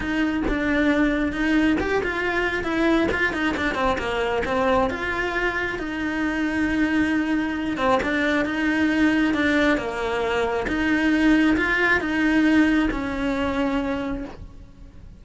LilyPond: \new Staff \with { instrumentName = "cello" } { \time 4/4 \tempo 4 = 135 dis'4 d'2 dis'4 | g'8 f'4. e'4 f'8 dis'8 | d'8 c'8 ais4 c'4 f'4~ | f'4 dis'2.~ |
dis'4. c'8 d'4 dis'4~ | dis'4 d'4 ais2 | dis'2 f'4 dis'4~ | dis'4 cis'2. | }